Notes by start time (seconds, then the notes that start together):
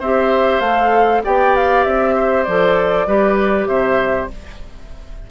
0.00 C4 G4 C5 E5
0.60 A3 A4 F5
1.24 B3 G4 D5 G5
1.56 F5
1.84 C4 E5
2.16 C5
2.44 F3 A4 D5
3.07 G3 G4 B4
3.67 C3 C5 E5